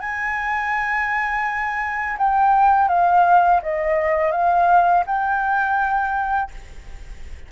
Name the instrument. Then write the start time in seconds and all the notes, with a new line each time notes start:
flute
0.00 G#5
2.18 G5
2.88 F5
3.62 D#5
4.32 F5
5.07 G5